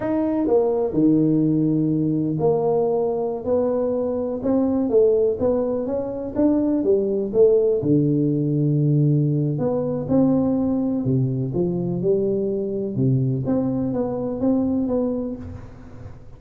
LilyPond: \new Staff \with { instrumentName = "tuba" } { \time 4/4 \tempo 4 = 125 dis'4 ais4 dis2~ | dis4 ais2~ ais16 b8.~ | b4~ b16 c'4 a4 b8.~ | b16 cis'4 d'4 g4 a8.~ |
a16 d2.~ d8. | b4 c'2 c4 | f4 g2 c4 | c'4 b4 c'4 b4 | }